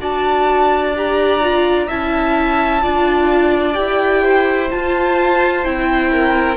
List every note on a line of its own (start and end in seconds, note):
0.00 1.88 D4
0.00 0.94 F#4
0.00 1.88 D5
0.00 0.96 A5
0.96 1.42 G4
0.96 1.91 A#5
1.42 1.88 F4
1.88 2.85 C#4
1.88 2.83 E4
1.88 2.82 E5
1.88 3.75 A5
2.82 3.78 D4
2.82 3.74 F4
2.82 4.23 D5
3.74 4.72 E4
3.74 4.67 G4
3.74 4.69 G5
4.23 6.11 C5
4.71 5.64 F4
4.71 5.65 F4
4.71 5.65 A5
5.64 6.57 C4
5.64 6.57 E4
5.64 6.57 G5
6.12 6.57 A#4